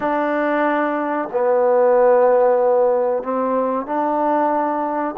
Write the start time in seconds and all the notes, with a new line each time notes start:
0.00 D4
1.32 B3
3.23 C4
3.86 D4